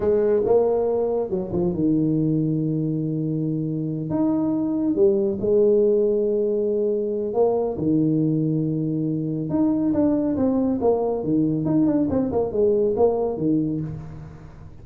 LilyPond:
\new Staff \with { instrumentName = "tuba" } { \time 4/4 \tempo 4 = 139 gis4 ais2 fis8 f8 | dis1~ | dis4. dis'2 g8~ | g8 gis2.~ gis8~ |
gis4 ais4 dis2~ | dis2 dis'4 d'4 | c'4 ais4 dis4 dis'8 d'8 | c'8 ais8 gis4 ais4 dis4 | }